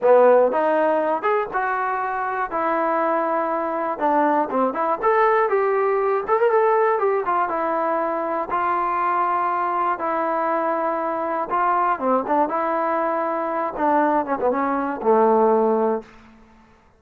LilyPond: \new Staff \with { instrumentName = "trombone" } { \time 4/4 \tempo 4 = 120 b4 dis'4. gis'8 fis'4~ | fis'4 e'2. | d'4 c'8 e'8 a'4 g'4~ | g'8 a'16 ais'16 a'4 g'8 f'8 e'4~ |
e'4 f'2. | e'2. f'4 | c'8 d'8 e'2~ e'8 d'8~ | d'8 cis'16 b16 cis'4 a2 | }